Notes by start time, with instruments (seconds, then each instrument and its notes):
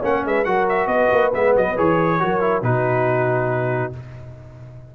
0.00 tuba A#3, trombone C#4, horn C#5, trumpet F#5
0.25 tuba G#3, horn B4, trumpet E5
0.45 tuba F#3, trombone F#4, horn A#4, trumpet F#5
0.69 trumpet E5
0.87 tuba B3, horn B4, trumpet D#5
1.12 tuba A#3
1.34 tuba G#3, trombone B3, trumpet E5
1.56 tuba F#3, trumpet D#5
1.77 tuba E3, trombone G#4, trumpet C#5
2.20 tuba F#3, trombone F#4, horn A#4
2.41 trombone E4
2.62 tuba B2, trombone D#4, horn F#4, trumpet B4